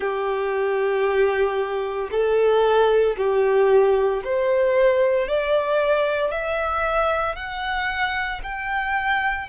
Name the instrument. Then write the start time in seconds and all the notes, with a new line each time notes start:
violin
0.00 G4
2.11 A4
3.17 G4
4.24 C5
5.28 D5
6.31 E5
7.35 F#5
8.43 G5